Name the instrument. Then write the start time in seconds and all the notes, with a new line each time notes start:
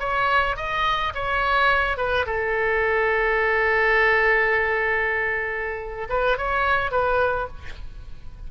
oboe
0.00 C#5
0.57 D#5
1.14 C#5
1.98 B4
2.26 A4
6.10 B4
6.38 C#5
6.91 B4